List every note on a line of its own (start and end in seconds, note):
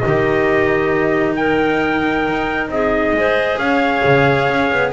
0.00 2.28 D#3
0.00 1.37 G4
0.00 1.33 D#5
0.06 3.17 D#4
1.36 2.71 A#4
1.36 2.69 G5
2.28 2.69 D#4
2.69 3.12 C4
2.69 3.16 G#4
2.69 3.59 D#5
3.12 3.57 G#3
3.12 4.93 G#4
3.12 3.61 C5
3.57 4.02 C#4
3.57 4.93 C#5
3.57 4.92 F5
4.04 4.49 C#3
4.49 4.71 C#4
4.71 4.93 B3